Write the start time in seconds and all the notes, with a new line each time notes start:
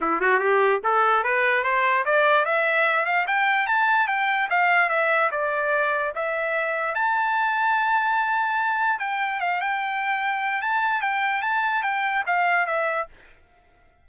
0.00 E4
0.20 F#4
0.39 G4
0.83 A4
1.23 B4
1.63 C5
2.05 D5
2.45 E5
3.05 F5
3.27 G5
3.66 A5
4.07 G5
4.50 F5
4.89 E5
5.31 D5
6.15 E5
6.95 A5
8.99 G5
9.40 F5
9.60 G5
10.61 A5
11.01 G5
11.41 A5
11.82 G5
12.26 F5
12.66 E5